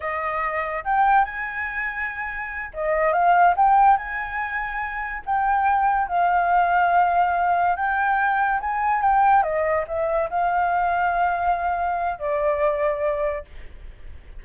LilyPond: \new Staff \with { instrumentName = "flute" } { \time 4/4 \tempo 4 = 143 dis''2 g''4 gis''4~ | gis''2~ gis''8 dis''4 f''8~ | f''8 g''4 gis''2~ gis''8~ | gis''8 g''2 f''4.~ |
f''2~ f''8 g''4.~ | g''8 gis''4 g''4 dis''4 e''8~ | e''8 f''2.~ f''8~ | f''4 d''2. | }